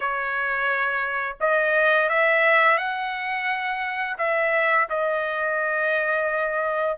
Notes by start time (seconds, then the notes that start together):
0.00 C#5
1.40 D#5
2.09 E5
2.77 F#5
4.17 E5
4.89 D#5